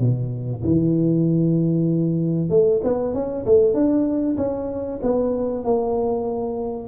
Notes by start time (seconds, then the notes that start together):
0.00 B2
0.64 E3
2.50 A3
2.84 B3
3.14 C#4
3.46 A3
3.74 D4
4.38 C#4
5.03 B3
5.65 A#3